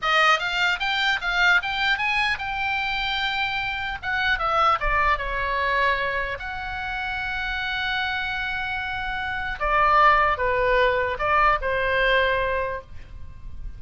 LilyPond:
\new Staff \with { instrumentName = "oboe" } { \time 4/4 \tempo 4 = 150 dis''4 f''4 g''4 f''4 | g''4 gis''4 g''2~ | g''2 fis''4 e''4 | d''4 cis''2. |
fis''1~ | fis''1 | d''2 b'2 | d''4 c''2. | }